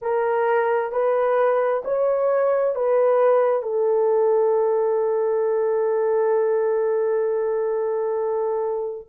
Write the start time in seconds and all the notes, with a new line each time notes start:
0.01 A#4
0.91 B4
1.84 C#5
2.75 B4
3.62 A4